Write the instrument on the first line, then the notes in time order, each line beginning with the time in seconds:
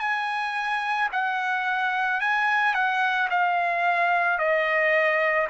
trumpet
0.00 G#5
1.13 F#5
2.21 G#5
2.74 F#5
3.30 F5
4.39 D#5